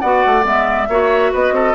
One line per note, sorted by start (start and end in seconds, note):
0.00 0.24 B3
0.00 0.43 F#4
0.00 0.88 D5
0.00 0.44 F#5
0.26 0.44 A3
0.43 0.88 G#3
0.43 0.86 B3
0.43 1.33 E5
0.88 1.32 A#3
0.88 1.75 F#4
0.88 1.32 C#5
1.32 1.51 B3
1.32 1.54 B4
1.32 1.75 D#5
1.51 1.73 C4
1.51 1.75 A4